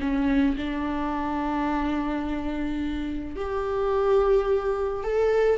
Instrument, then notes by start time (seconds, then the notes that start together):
viola
0.00 C#4
0.57 D4
3.36 G4
5.04 A4